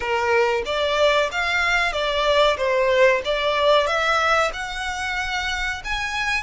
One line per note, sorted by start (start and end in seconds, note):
0.00 0.62 A#4
0.65 1.30 D5
1.31 1.92 F5
1.92 2.56 D5
2.57 3.21 C5
3.24 3.87 D5
3.87 4.51 E5
4.53 5.82 F#5
5.84 6.43 G#5